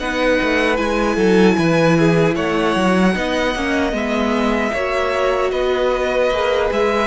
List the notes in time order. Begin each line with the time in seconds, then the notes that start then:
0.00 B3 D#4 B4 F#5
0.42 A3
0.76 G#3 E4 G#5
1.16 F#3 A4
1.58 E3 B4
1.99 G#4
2.36 A3 C#5 F#5
2.76 F#3
3.14 B3 D#4 D#5
3.55 A#3 C#4
3.93 G#3 B3 E5
4.74 A#3 F#4 C#5
5.51 B3 B4 D#5
6.31 A#3 G#4
6.72 G#3 E5